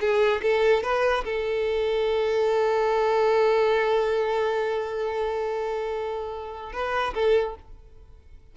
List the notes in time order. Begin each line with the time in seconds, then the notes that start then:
0.00 G#4
0.42 A4
0.83 B4
1.24 A4
6.72 B4
7.14 A4